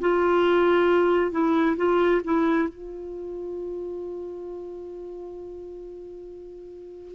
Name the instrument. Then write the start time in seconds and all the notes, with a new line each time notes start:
clarinet
0.00 F4
1.31 E4
1.77 F4
2.24 E4
2.69 F4